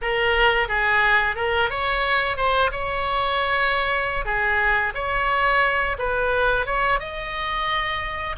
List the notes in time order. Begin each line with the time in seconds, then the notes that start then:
0.01 A#4
0.68 G#4
1.35 A#4
1.70 C#5
2.36 C5
2.71 C#5
4.25 G#4
4.94 C#5
5.98 B4
6.66 C#5
6.99 D#5